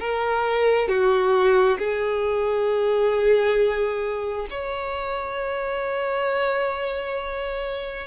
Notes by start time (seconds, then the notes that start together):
0.00 A#4
0.89 F#4
1.79 G#4
4.51 C#5